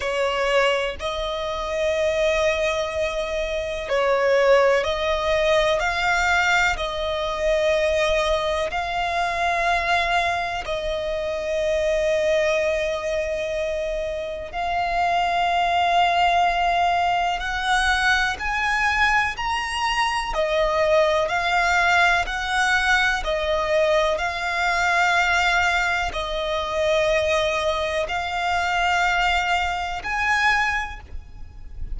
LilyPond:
\new Staff \with { instrumentName = "violin" } { \time 4/4 \tempo 4 = 62 cis''4 dis''2. | cis''4 dis''4 f''4 dis''4~ | dis''4 f''2 dis''4~ | dis''2. f''4~ |
f''2 fis''4 gis''4 | ais''4 dis''4 f''4 fis''4 | dis''4 f''2 dis''4~ | dis''4 f''2 gis''4 | }